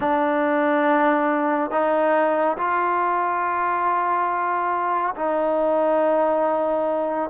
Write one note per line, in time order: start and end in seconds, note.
0.00 1.71 D4
1.71 2.56 D#4
2.57 5.14 F4
5.15 7.29 D#4